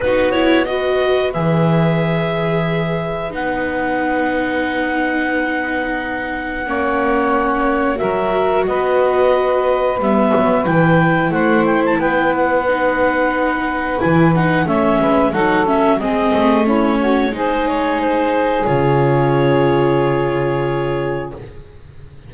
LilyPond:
<<
  \new Staff \with { instrumentName = "clarinet" } { \time 4/4 \tempo 4 = 90 b'8 cis''8 dis''4 e''2~ | e''4 fis''2.~ | fis''1 | e''4 dis''2 e''4 |
g''4 fis''8 g''16 a''16 g''8 fis''4.~ | fis''4 gis''8 fis''8 e''4 fis''8 e''8 | dis''4 cis''4 c''8 cis''8 c''4 | cis''1 | }
  \new Staff \with { instrumentName = "saxophone" } { \time 4/4 fis'4 b'2.~ | b'1~ | b'2 cis''2 | ais'4 b'2.~ |
b'4 c''4 b'2~ | b'2 cis''8 b'8 a'4 | gis'4 e'8 fis'8 gis'2~ | gis'1 | }
  \new Staff \with { instrumentName = "viola" } { \time 4/4 dis'8 e'8 fis'4 gis'2~ | gis'4 dis'2.~ | dis'2 cis'2 | fis'2. b4 |
e'2. dis'4~ | dis'4 e'8 dis'8 cis'4 dis'8 cis'8 | c'4 cis'4 dis'2 | f'1 | }
  \new Staff \with { instrumentName = "double bass" } { \time 4/4 b2 e2~ | e4 b2.~ | b2 ais2 | fis4 b2 g8 fis8 |
e4 a4 b2~ | b4 e4 a8 gis8 fis4 | gis8 a4. gis2 | cis1 | }
>>